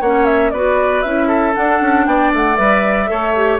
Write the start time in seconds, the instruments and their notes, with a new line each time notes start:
0.00 bassoon A#3, clarinet C#4, oboe C#5, flute F#5
0.25 flute E5
0.50 bassoon B3, clarinet F#4, oboe B4, flute D5
1.01 bassoon C#4, clarinet E4, flute E5
1.27 oboe A4
1.53 clarinet D4, bassoon D4, flute F#5
1.81 bassoon C#4
2.06 bassoon B3, oboe D5, flute G5
2.33 bassoon A3, flute F#5
2.56 bassoon G3, clarinet B4, flute E5
3.07 bassoon A3, clarinet A4, oboe C#5
3.35 clarinet G4